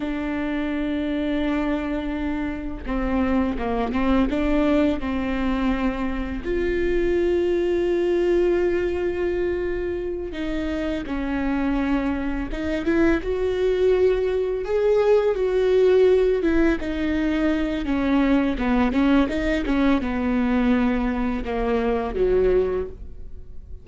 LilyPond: \new Staff \with { instrumentName = "viola" } { \time 4/4 \tempo 4 = 84 d'1 | c'4 ais8 c'8 d'4 c'4~ | c'4 f'2.~ | f'2~ f'8 dis'4 cis'8~ |
cis'4. dis'8 e'8 fis'4.~ | fis'8 gis'4 fis'4. e'8 dis'8~ | dis'4 cis'4 b8 cis'8 dis'8 cis'8 | b2 ais4 fis4 | }